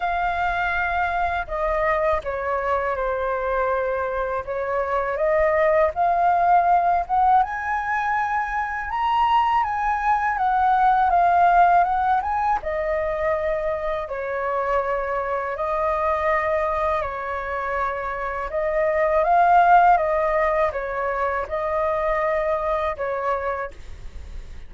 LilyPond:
\new Staff \with { instrumentName = "flute" } { \time 4/4 \tempo 4 = 81 f''2 dis''4 cis''4 | c''2 cis''4 dis''4 | f''4. fis''8 gis''2 | ais''4 gis''4 fis''4 f''4 |
fis''8 gis''8 dis''2 cis''4~ | cis''4 dis''2 cis''4~ | cis''4 dis''4 f''4 dis''4 | cis''4 dis''2 cis''4 | }